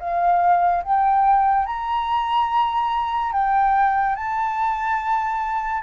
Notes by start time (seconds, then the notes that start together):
0.00 F5
0.84 G5
1.67 A#5
3.33 G5
4.16 A5